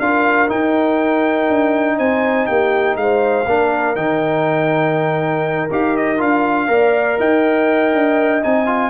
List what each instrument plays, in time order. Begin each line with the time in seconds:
0.00 tuba D4, trombone F4, horn A#4, trumpet F5
0.48 trombone D#4, tuba D#4, trumpet G5
1.50 tuba D4
1.98 tuba C4, horn C5, trumpet G#5
2.46 tuba A#3, horn G4, trumpet G5
2.96 tuba G#3, horn C5, trumpet F5
3.47 tuba A#3, trombone D4, horn A#4
3.96 tuba D#3, trombone D#4, trumpet G5
5.71 tuba D#4, trombone G4, trumpet F5
5.97 trumpet D#5
6.18 tuba D4, trombone F4, trumpet F5
6.68 tuba A#3, trombone A#4, horn D5
7.19 tuba D#4, horn D#5, trumpet G5
7.94 tuba D4
8.43 tuba C4, trombone D#4, trumpet G#5
8.67 trombone F4